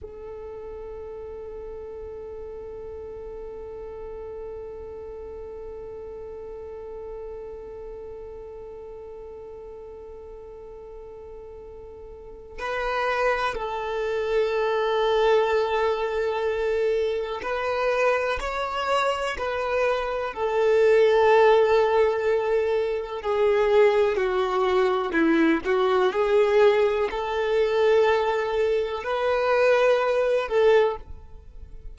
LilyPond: \new Staff \with { instrumentName = "violin" } { \time 4/4 \tempo 4 = 62 a'1~ | a'1~ | a'1~ | a'4 b'4 a'2~ |
a'2 b'4 cis''4 | b'4 a'2. | gis'4 fis'4 e'8 fis'8 gis'4 | a'2 b'4. a'8 | }